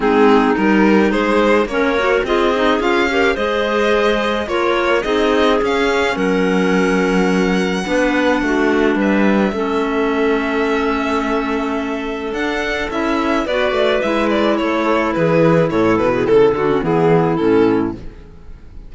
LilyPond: <<
  \new Staff \with { instrumentName = "violin" } { \time 4/4 \tempo 4 = 107 gis'4 ais'4 c''4 cis''4 | dis''4 f''4 dis''2 | cis''4 dis''4 f''4 fis''4~ | fis''1 |
e''1~ | e''2 fis''4 e''4 | d''4 e''8 d''8 cis''4 b'4 | cis''8 b'8 a'8 fis'8 gis'4 a'4 | }
  \new Staff \with { instrumentName = "clarinet" } { \time 4/4 dis'2 gis'4 ais'4 | gis'4. ais'8 c''2 | ais'4 gis'2 ais'4~ | ais'2 b'4 fis'4 |
b'4 a'2.~ | a'1 | b'2 a'4 gis'4 | a'8. gis'16 a'4 e'2 | }
  \new Staff \with { instrumentName = "clarinet" } { \time 4/4 c'4 dis'2 cis'8 fis'8 | f'8 dis'8 f'8 g'8 gis'2 | f'4 dis'4 cis'2~ | cis'2 d'2~ |
d'4 cis'2.~ | cis'2 d'4 e'4 | fis'4 e'2.~ | e'4. d'16 cis'16 b4 cis'4 | }
  \new Staff \with { instrumentName = "cello" } { \time 4/4 gis4 g4 gis4 ais4 | c'4 cis'4 gis2 | ais4 c'4 cis'4 fis4~ | fis2 b4 a4 |
g4 a2.~ | a2 d'4 cis'4 | b8 a8 gis4 a4 e4 | a,8 b,8 cis8 d8 e4 a,4 | }
>>